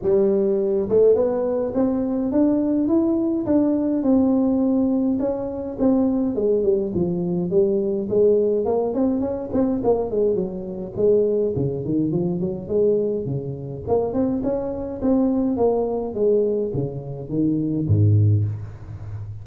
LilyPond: \new Staff \with { instrumentName = "tuba" } { \time 4/4 \tempo 4 = 104 g4. a8 b4 c'4 | d'4 e'4 d'4 c'4~ | c'4 cis'4 c'4 gis8 g8 | f4 g4 gis4 ais8 c'8 |
cis'8 c'8 ais8 gis8 fis4 gis4 | cis8 dis8 f8 fis8 gis4 cis4 | ais8 c'8 cis'4 c'4 ais4 | gis4 cis4 dis4 gis,4 | }